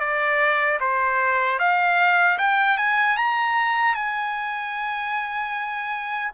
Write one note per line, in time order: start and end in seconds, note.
0.00 0.79 D5
0.80 1.59 C5
1.59 2.38 F5
2.38 2.77 G5
2.77 3.17 G#5
3.17 3.95 A#5
3.95 6.32 G#5